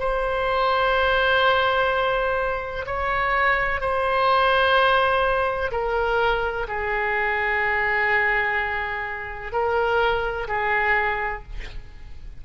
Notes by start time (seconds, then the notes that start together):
0.00 C5
2.86 C#5
3.81 C5
5.72 A#4
6.68 G#4
9.52 A#4
10.48 G#4